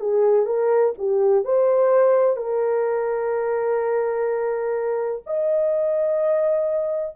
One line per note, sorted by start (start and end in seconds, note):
0.00 0.45 G#4
0.45 0.93 A#4
0.98 1.45 G4
1.45 2.37 C5
2.37 5.23 A#4
5.26 7.16 D#5